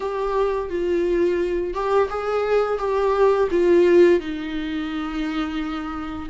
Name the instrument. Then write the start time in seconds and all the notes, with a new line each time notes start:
viola
0.00 G4
0.69 F4
1.73 G4
2.09 G#4
2.78 G4
3.50 F4
4.20 D#4